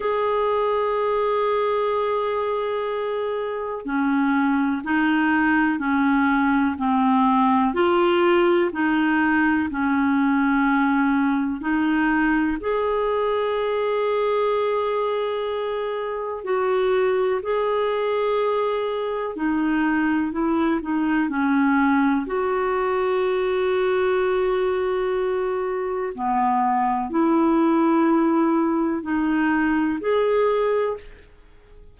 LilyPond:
\new Staff \with { instrumentName = "clarinet" } { \time 4/4 \tempo 4 = 62 gis'1 | cis'4 dis'4 cis'4 c'4 | f'4 dis'4 cis'2 | dis'4 gis'2.~ |
gis'4 fis'4 gis'2 | dis'4 e'8 dis'8 cis'4 fis'4~ | fis'2. b4 | e'2 dis'4 gis'4 | }